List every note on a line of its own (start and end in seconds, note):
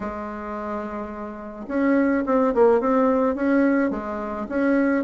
0.00 1.66 G#3
1.67 2.24 C#4
2.26 2.54 C4
2.54 2.80 A#3
2.80 3.35 C4
3.35 3.90 C#4
3.90 4.46 G#3
4.49 5.03 C#4